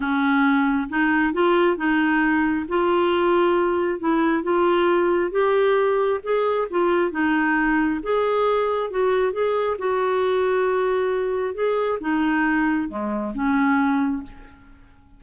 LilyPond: \new Staff \with { instrumentName = "clarinet" } { \time 4/4 \tempo 4 = 135 cis'2 dis'4 f'4 | dis'2 f'2~ | f'4 e'4 f'2 | g'2 gis'4 f'4 |
dis'2 gis'2 | fis'4 gis'4 fis'2~ | fis'2 gis'4 dis'4~ | dis'4 gis4 cis'2 | }